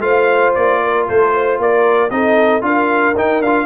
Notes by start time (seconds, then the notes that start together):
0.00 A3 F4 C5 F5
0.55 A#3 D5
0.83 A#4
1.08 A3 A4 C5
1.34 C5
1.59 A#3 A#4 D5
2.10 C4 D#4 A4 D#5
2.61 D4 F4 A#4 F5
3.15 D#4 G5
3.41 D4 F4 F5